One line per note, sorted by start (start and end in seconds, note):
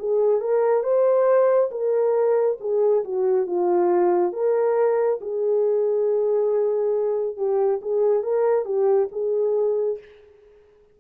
0.00 0.41 G#4
0.41 0.84 A#4
0.84 1.71 C5
1.71 2.58 A#4
2.61 3.04 G#4
3.05 3.47 F#4
3.47 4.33 F4
4.33 5.20 A#4
5.21 7.37 G#4
7.37 7.81 G4
7.82 8.24 G#4
8.24 8.65 A#4
8.65 9.09 G4
9.12 9.99 G#4